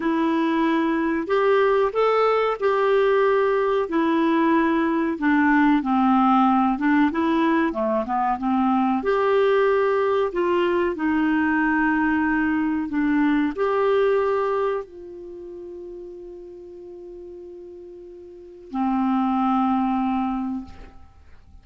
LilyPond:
\new Staff \with { instrumentName = "clarinet" } { \time 4/4 \tempo 4 = 93 e'2 g'4 a'4 | g'2 e'2 | d'4 c'4. d'8 e'4 | a8 b8 c'4 g'2 |
f'4 dis'2. | d'4 g'2 f'4~ | f'1~ | f'4 c'2. | }